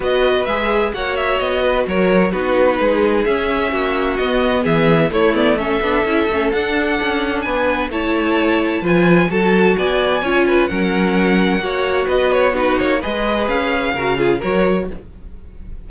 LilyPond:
<<
  \new Staff \with { instrumentName = "violin" } { \time 4/4 \tempo 4 = 129 dis''4 e''4 fis''8 e''8 dis''4 | cis''4 b'2 e''4~ | e''4 dis''4 e''4 cis''8 d''8 | e''2 fis''2 |
gis''4 a''2 gis''4 | a''4 gis''2 fis''4~ | fis''2 dis''8 cis''8 b'8 cis''8 | dis''4 f''2 cis''4 | }
  \new Staff \with { instrumentName = "violin" } { \time 4/4 b'2 cis''4. b'8 | ais'4 fis'4 gis'2 | fis'2 gis'4 e'4 | a'1 |
b'4 cis''2 b'4 | a'4 d''4 cis''8 b'8 ais'4~ | ais'4 cis''4 b'4 fis'4 | b'2 ais'8 gis'8 ais'4 | }
  \new Staff \with { instrumentName = "viola" } { \time 4/4 fis'4 gis'4 fis'2~ | fis'4 dis'2 cis'4~ | cis'4 b2 a8 b8 | cis'8 d'8 e'8 cis'8 d'2~ |
d'4 e'2 f'4 | fis'2 f'4 cis'4~ | cis'4 fis'2 dis'4 | gis'2 fis'8 f'8 fis'4 | }
  \new Staff \with { instrumentName = "cello" } { \time 4/4 b4 gis4 ais4 b4 | fis4 b4 gis4 cis'4 | ais4 b4 e4 a4~ | a8 b8 cis'8 a8 d'4 cis'4 |
b4 a2 f4 | fis4 b4 cis'4 fis4~ | fis4 ais4 b4. ais8 | gis4 cis'4 cis4 fis4 | }
>>